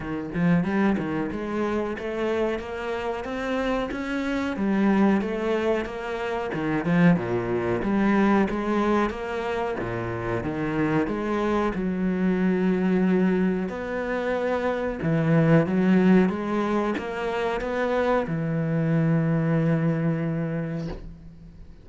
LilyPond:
\new Staff \with { instrumentName = "cello" } { \time 4/4 \tempo 4 = 92 dis8 f8 g8 dis8 gis4 a4 | ais4 c'4 cis'4 g4 | a4 ais4 dis8 f8 ais,4 | g4 gis4 ais4 ais,4 |
dis4 gis4 fis2~ | fis4 b2 e4 | fis4 gis4 ais4 b4 | e1 | }